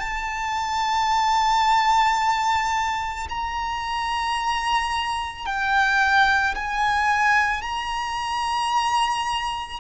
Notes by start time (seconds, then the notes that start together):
0.00 A5
3.29 A#5
5.45 G5
6.55 G#5
7.62 A#5